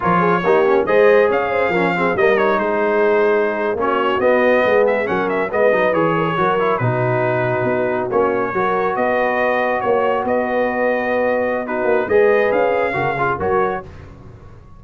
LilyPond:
<<
  \new Staff \with { instrumentName = "trumpet" } { \time 4/4 \tempo 4 = 139 cis''2 dis''4 f''4~ | f''4 dis''8 cis''8 c''2~ | c''8. cis''4 dis''4. e''8 fis''16~ | fis''16 e''8 dis''4 cis''2 b'16~ |
b'2~ b'8. cis''4~ cis''16~ | cis''8. dis''2 cis''4 dis''16~ | dis''2. b'4 | dis''4 f''2 cis''4 | }
  \new Staff \with { instrumentName = "horn" } { \time 4/4 ais'8 gis'8 g'4 c''4 cis''8 c''8 | ais'8 gis'8 ais'4 gis'2~ | gis'8. fis'2 gis'4 ais'16~ | ais'8. b'4. ais'16 gis'16 ais'4 fis'16~ |
fis'2.~ fis'8. ais'16~ | ais'8. b'2 cis''4 b'16~ | b'2. fis'4 | b'2 ais'8 gis'8 ais'4 | }
  \new Staff \with { instrumentName = "trombone" } { \time 4/4 f'4 dis'8 cis'8 gis'2 | cis'8 c'8 ais8 dis'2~ dis'8~ | dis'8. cis'4 b2 cis'16~ | cis'8. b8 dis'8 gis'4 fis'8 e'8 dis'16~ |
dis'2~ dis'8. cis'4 fis'16~ | fis'1~ | fis'2. dis'4 | gis'2 fis'8 f'8 fis'4 | }
  \new Staff \with { instrumentName = "tuba" } { \time 4/4 f4 ais4 gis4 cis'4 | f4 g4 gis2~ | gis8. ais4 b4 gis4 fis16~ | fis8. gis8 fis8 e4 fis4 b,16~ |
b,4.~ b,16 b4 ais4 fis16~ | fis8. b2 ais4 b16~ | b2.~ b8 ais8 | gis4 cis'4 cis4 fis4 | }
>>